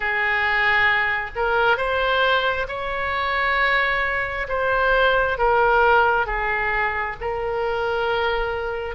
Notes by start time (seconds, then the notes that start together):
0.00 G#4
1.35 A#4
1.77 C5
2.68 C#5
4.48 C5
5.38 A#4
6.26 G#4
7.20 A#4